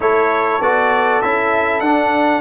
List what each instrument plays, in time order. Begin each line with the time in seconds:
0.00 tuba A3, trombone E4, horn A4, trumpet C#5
0.60 tuba B3, trombone F#4, trumpet D5
1.22 tuba C#4, trombone E4, trumpet E5
1.80 tuba D4, trombone D4, trumpet F#5